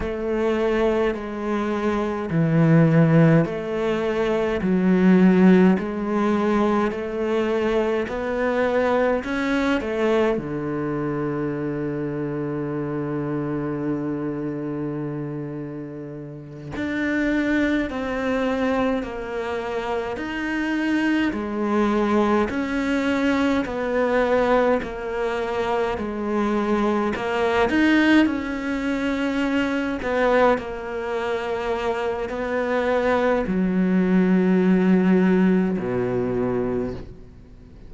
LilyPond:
\new Staff \with { instrumentName = "cello" } { \time 4/4 \tempo 4 = 52 a4 gis4 e4 a4 | fis4 gis4 a4 b4 | cis'8 a8 d2.~ | d2~ d8 d'4 c'8~ |
c'8 ais4 dis'4 gis4 cis'8~ | cis'8 b4 ais4 gis4 ais8 | dis'8 cis'4. b8 ais4. | b4 fis2 b,4 | }